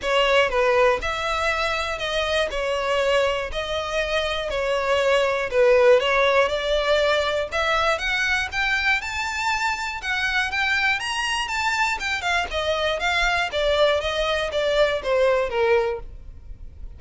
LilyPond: \new Staff \with { instrumentName = "violin" } { \time 4/4 \tempo 4 = 120 cis''4 b'4 e''2 | dis''4 cis''2 dis''4~ | dis''4 cis''2 b'4 | cis''4 d''2 e''4 |
fis''4 g''4 a''2 | fis''4 g''4 ais''4 a''4 | g''8 f''8 dis''4 f''4 d''4 | dis''4 d''4 c''4 ais'4 | }